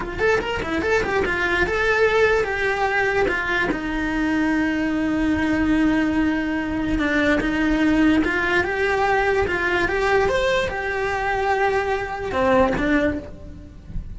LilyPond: \new Staff \with { instrumentName = "cello" } { \time 4/4 \tempo 4 = 146 f'8 a'8 ais'8 e'8 a'8 g'8 f'4 | a'2 g'2 | f'4 dis'2.~ | dis'1~ |
dis'4 d'4 dis'2 | f'4 g'2 f'4 | g'4 c''4 g'2~ | g'2 c'4 d'4 | }